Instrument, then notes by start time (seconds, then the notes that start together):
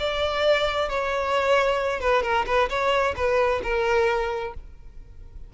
violin
0.00 D5
0.90 C#5
2.01 B4
2.23 A#4
2.47 B4
2.70 C#5
3.17 B4
3.63 A#4